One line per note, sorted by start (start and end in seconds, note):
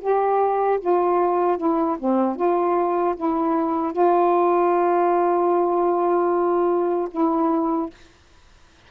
0.00 0.79 G4
0.80 1.57 F4
1.57 1.97 E4
1.99 2.36 C4
2.36 3.15 F4
3.16 3.93 E4
3.93 7.08 F4
7.11 7.89 E4